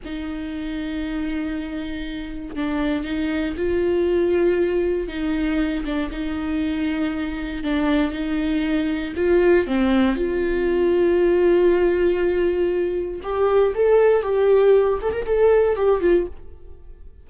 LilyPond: \new Staff \with { instrumentName = "viola" } { \time 4/4 \tempo 4 = 118 dis'1~ | dis'4 d'4 dis'4 f'4~ | f'2 dis'4. d'8 | dis'2. d'4 |
dis'2 f'4 c'4 | f'1~ | f'2 g'4 a'4 | g'4. a'16 ais'16 a'4 g'8 f'8 | }